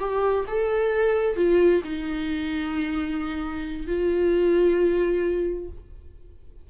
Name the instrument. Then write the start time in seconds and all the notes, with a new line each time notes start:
viola
0.00 G4
0.48 A4
1.37 F4
1.84 D#4
3.88 F4